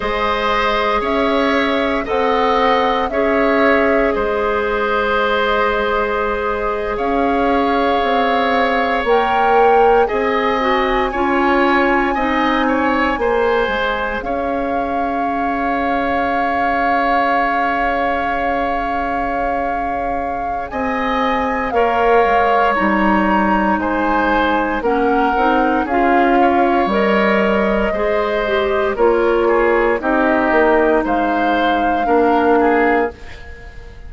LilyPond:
<<
  \new Staff \with { instrumentName = "flute" } { \time 4/4 \tempo 4 = 58 dis''4 e''4 fis''4 e''4 | dis''2~ dis''8. f''4~ f''16~ | f''8. g''4 gis''2~ gis''16~ | gis''4.~ gis''16 f''2~ f''16~ |
f''1 | gis''4 f''4 ais''4 gis''4 | fis''4 f''4 dis''2 | cis''4 dis''4 f''2 | }
  \new Staff \with { instrumentName = "oboe" } { \time 4/4 c''4 cis''4 dis''4 cis''4 | c''2~ c''8. cis''4~ cis''16~ | cis''4.~ cis''16 dis''4 cis''4 dis''16~ | dis''16 cis''8 c''4 cis''2~ cis''16~ |
cis''1 | dis''4 cis''2 c''4 | ais'4 gis'8 cis''4. c''4 | ais'8 gis'8 g'4 c''4 ais'8 gis'8 | }
  \new Staff \with { instrumentName = "clarinet" } { \time 4/4 gis'2 a'4 gis'4~ | gis'1~ | gis'8. ais'4 gis'8 fis'8 f'4 dis'16~ | dis'8. gis'2.~ gis'16~ |
gis'1~ | gis'4 ais'4 dis'2 | cis'8 dis'8 f'4 ais'4 gis'8 g'8 | f'4 dis'2 d'4 | }
  \new Staff \with { instrumentName = "bassoon" } { \time 4/4 gis4 cis'4 c'4 cis'4 | gis2~ gis8. cis'4 c'16~ | c'8. ais4 c'4 cis'4 c'16~ | c'8. ais8 gis8 cis'2~ cis'16~ |
cis'1 | c'4 ais8 gis8 g4 gis4 | ais8 c'8 cis'4 g4 gis4 | ais4 c'8 ais8 gis4 ais4 | }
>>